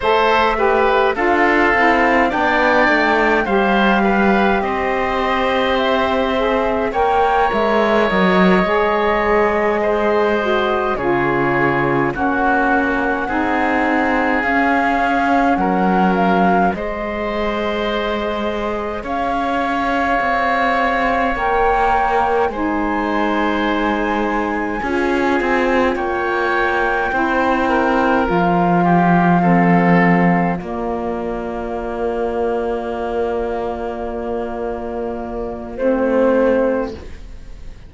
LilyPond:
<<
  \new Staff \with { instrumentName = "flute" } { \time 4/4 \tempo 4 = 52 e''4 f''4 g''4 f''4 | dis''4 e''4 g''8 e''8 dis''4~ | dis''4. cis''4 fis''4.~ | fis''8 f''4 fis''8 f''8 dis''4.~ |
dis''8 f''2 g''4 gis''8~ | gis''2~ gis''8 g''4.~ | g''8 f''2 d''4.~ | d''2. c''4 | }
  \new Staff \with { instrumentName = "oboe" } { \time 4/4 c''8 b'8 a'4 d''4 c''8 b'8 | c''2 cis''2~ | cis''8 c''4 gis'4 fis'4 gis'8~ | gis'4. ais'4 c''4.~ |
c''8 cis''2. c''8~ | c''4. gis'4 cis''4 c''8 | ais'4 g'8 a'4 f'4.~ | f'1 | }
  \new Staff \with { instrumentName = "saxophone" } { \time 4/4 a'8 g'8 f'8 e'8 d'4 g'4~ | g'4. gis'8 ais'4. gis'8~ | gis'4 fis'8 f'4 cis'4 dis'8~ | dis'8 cis'2 gis'4.~ |
gis'2~ gis'8 ais'4 dis'8~ | dis'4. f'2 e'8~ | e'8 f'4 c'4 ais4.~ | ais2. c'4 | }
  \new Staff \with { instrumentName = "cello" } { \time 4/4 a4 d'8 c'8 b8 a8 g4 | c'2 ais8 gis8 fis8 gis8~ | gis4. cis4 ais4 c'8~ | c'8 cis'4 fis4 gis4.~ |
gis8 cis'4 c'4 ais4 gis8~ | gis4. cis'8 c'8 ais4 c'8~ | c'8 f2 ais4.~ | ais2. a4 | }
>>